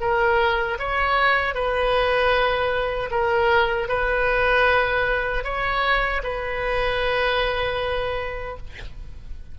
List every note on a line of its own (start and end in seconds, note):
0.00 0.78 A#4
0.79 1.54 C#5
1.54 3.10 B4
3.10 3.88 A#4
3.88 5.44 B4
5.44 6.22 C#5
6.23 8.57 B4